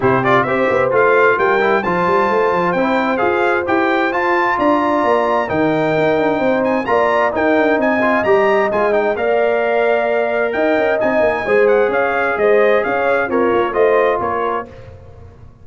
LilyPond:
<<
  \new Staff \with { instrumentName = "trumpet" } { \time 4/4 \tempo 4 = 131 c''8 d''8 e''4 f''4 g''4 | a''2 g''4 f''4 | g''4 a''4 ais''2 | g''2~ g''8 gis''8 ais''4 |
g''4 gis''4 ais''4 gis''8 g''8 | f''2. g''4 | gis''4. fis''8 f''4 dis''4 | f''4 cis''4 dis''4 cis''4 | }
  \new Staff \with { instrumentName = "horn" } { \time 4/4 g'4 c''2 ais'4 | c''1~ | c''2 d''2 | ais'2 c''4 d''4 |
ais'4 dis''2. | d''2. dis''4~ | dis''4 c''4 cis''4 c''4 | cis''4 f'4 c''4 ais'4 | }
  \new Staff \with { instrumentName = "trombone" } { \time 4/4 e'8 f'8 g'4 f'4. e'8 | f'2 e'4 gis'4 | g'4 f'2. | dis'2. f'4 |
dis'4. f'8 g'4 f'8 dis'8 | ais'1 | dis'4 gis'2.~ | gis'4 ais'4 f'2 | }
  \new Staff \with { instrumentName = "tuba" } { \time 4/4 c4 c'8 b8 a4 g4 | f8 g8 a8 f8 c'4 f'4 | e'4 f'4 d'4 ais4 | dis4 dis'8 d'8 c'4 ais4 |
dis'8 d'8 c'4 g4 gis4 | ais2. dis'8 cis'8 | c'8 ais8 gis4 cis'4 gis4 | cis'4 c'8 ais8 a4 ais4 | }
>>